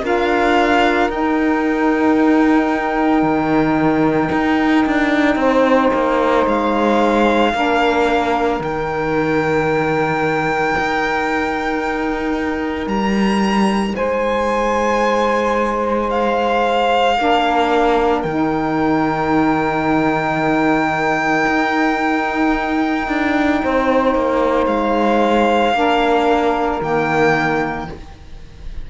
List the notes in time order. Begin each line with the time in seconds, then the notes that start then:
0.00 D4 F4 A#4 F5
1.09 D#4 G5
3.22 D#3
4.32 D#4
4.85 D4
5.35 C4 C5
5.93 A#3
6.46 G#3 F5
7.53 A#3 D4 A#4
8.60 D#3 D#4 G5
10.78 D#4
12.86 G3 A#5
13.95 G#3 C5 G#5
16.10 F5
17.15 A#3 D4 A#4
18.21 D#3 D#4 G5
21.46 D#4
23.07 D4
23.62 C4 C5
24.14 A#3
24.66 G#3 F5
25.73 A#3 D4 A#4
26.80 D#3 A#3 G5